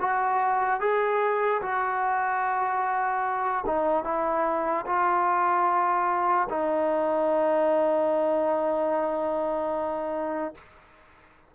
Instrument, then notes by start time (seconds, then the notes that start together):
trombone
0.00 F#4
0.80 G#4
1.62 F#4
3.66 D#4
4.04 E4
4.86 F4
6.49 D#4